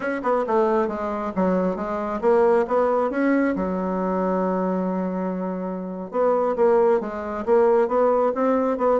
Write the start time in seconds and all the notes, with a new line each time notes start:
0.00 C#4
0.22 B3
0.46 A3
0.88 G#3
1.35 F#3
1.76 G#3
2.21 A#3
2.67 B3
3.10 C#4
3.55 F#3
6.11 B3
6.56 A#3
7.00 G#3
7.45 A#3
7.87 B3
8.34 C4
8.77 B3